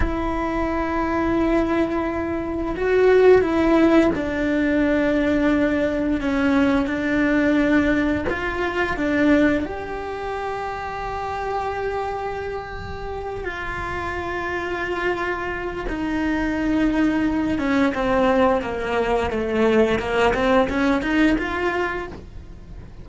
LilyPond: \new Staff \with { instrumentName = "cello" } { \time 4/4 \tempo 4 = 87 e'1 | fis'4 e'4 d'2~ | d'4 cis'4 d'2 | f'4 d'4 g'2~ |
g'2.~ g'8 f'8~ | f'2. dis'4~ | dis'4. cis'8 c'4 ais4 | a4 ais8 c'8 cis'8 dis'8 f'4 | }